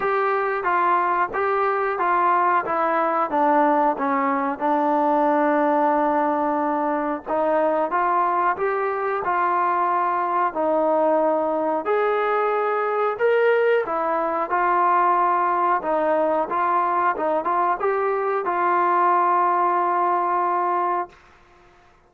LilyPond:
\new Staff \with { instrumentName = "trombone" } { \time 4/4 \tempo 4 = 91 g'4 f'4 g'4 f'4 | e'4 d'4 cis'4 d'4~ | d'2. dis'4 | f'4 g'4 f'2 |
dis'2 gis'2 | ais'4 e'4 f'2 | dis'4 f'4 dis'8 f'8 g'4 | f'1 | }